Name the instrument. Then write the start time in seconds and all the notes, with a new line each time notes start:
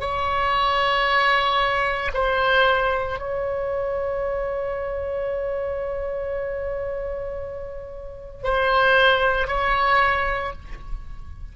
oboe
0.00 C#5
2.14 C5
3.19 C#5
8.43 C5
9.47 C#5